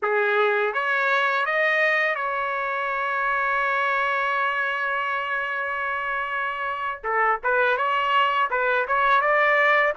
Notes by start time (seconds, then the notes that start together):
0.02 G#4
0.73 C#5
1.45 D#5
2.15 C#5
7.03 A4
7.43 B4
7.77 C#5
8.50 B4
8.87 C#5
9.21 D5